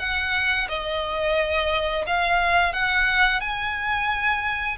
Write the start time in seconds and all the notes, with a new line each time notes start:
0.00 F#5
0.69 D#5
2.07 F5
2.73 F#5
3.41 G#5